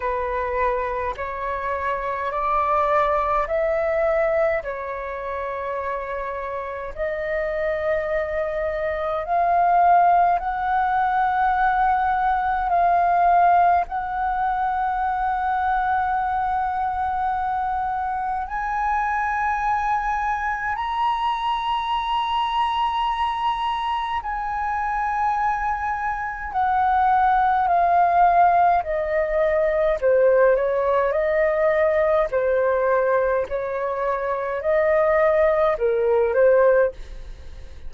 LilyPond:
\new Staff \with { instrumentName = "flute" } { \time 4/4 \tempo 4 = 52 b'4 cis''4 d''4 e''4 | cis''2 dis''2 | f''4 fis''2 f''4 | fis''1 |
gis''2 ais''2~ | ais''4 gis''2 fis''4 | f''4 dis''4 c''8 cis''8 dis''4 | c''4 cis''4 dis''4 ais'8 c''8 | }